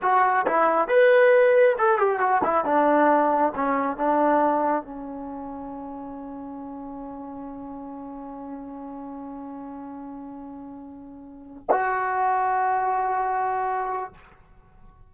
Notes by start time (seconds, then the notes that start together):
0.01 F#4
0.46 E4
0.87 B4
1.78 A4
1.98 G4
2.19 F#4
2.44 E4
2.64 D4
3.55 C#4
3.96 D4
4.82 C#4
11.70 F#4